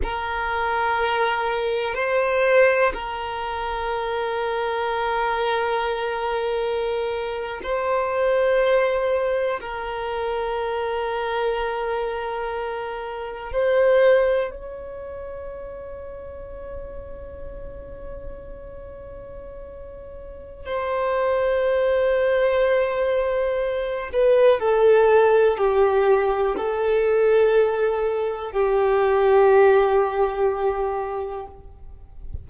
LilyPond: \new Staff \with { instrumentName = "violin" } { \time 4/4 \tempo 4 = 61 ais'2 c''4 ais'4~ | ais'2.~ ais'8. c''16~ | c''4.~ c''16 ais'2~ ais'16~ | ais'4.~ ais'16 c''4 cis''4~ cis''16~ |
cis''1~ | cis''4 c''2.~ | c''8 b'8 a'4 g'4 a'4~ | a'4 g'2. | }